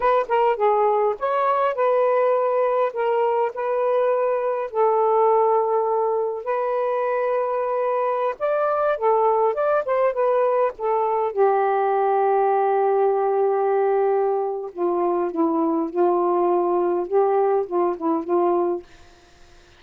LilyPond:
\new Staff \with { instrumentName = "saxophone" } { \time 4/4 \tempo 4 = 102 b'8 ais'8 gis'4 cis''4 b'4~ | b'4 ais'4 b'2 | a'2. b'4~ | b'2~ b'16 d''4 a'8.~ |
a'16 d''8 c''8 b'4 a'4 g'8.~ | g'1~ | g'4 f'4 e'4 f'4~ | f'4 g'4 f'8 e'8 f'4 | }